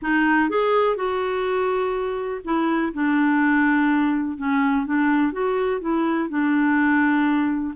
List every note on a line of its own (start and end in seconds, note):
0.02 0.49 D#4
0.49 0.96 G#4
0.96 2.41 F#4
2.44 2.92 E4
2.93 4.37 D4
4.37 4.85 C#4
4.85 5.32 D4
5.32 5.80 F#4
5.80 6.29 E4
6.29 7.74 D4